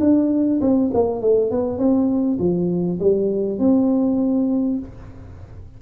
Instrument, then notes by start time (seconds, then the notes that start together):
tuba
0.00 D4
0.61 C4
0.94 A#3
1.21 A3
1.51 B3
1.78 C4
2.39 F3
2.99 G3
3.59 C4